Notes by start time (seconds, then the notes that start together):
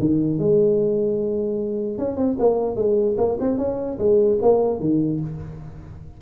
0.00 D#3
0.39 G#3
1.98 C#4
2.17 C4
2.40 A#3
2.76 G#3
3.18 A#3
3.40 C4
3.58 C#4
3.99 G#3
4.42 A#3
4.80 D#3